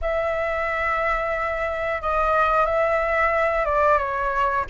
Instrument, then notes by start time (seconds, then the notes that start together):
flute
0.02 E5
2.01 D#5
2.65 E5
3.65 D5
3.98 C#5